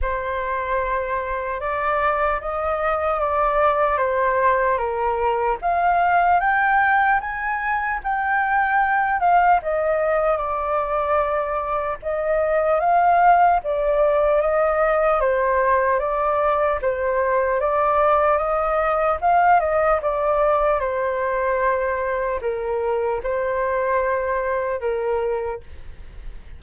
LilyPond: \new Staff \with { instrumentName = "flute" } { \time 4/4 \tempo 4 = 75 c''2 d''4 dis''4 | d''4 c''4 ais'4 f''4 | g''4 gis''4 g''4. f''8 | dis''4 d''2 dis''4 |
f''4 d''4 dis''4 c''4 | d''4 c''4 d''4 dis''4 | f''8 dis''8 d''4 c''2 | ais'4 c''2 ais'4 | }